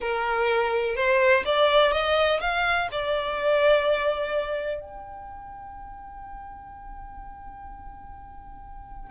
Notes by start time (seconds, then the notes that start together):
0.00 A#4
0.95 C5
1.45 D5
1.92 D#5
2.40 F5
2.91 D5
4.80 G5